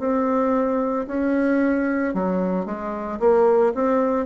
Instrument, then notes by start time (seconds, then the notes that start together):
bassoon
0.00 C4
1.08 C#4
2.14 F#3
2.66 G#3
3.20 A#3
3.75 C4